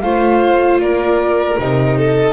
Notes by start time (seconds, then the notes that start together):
0.00 A3 F4 C5 F5
0.79 A#3 A#4 D5
1.58 C3 D#4 D#5
1.97 A4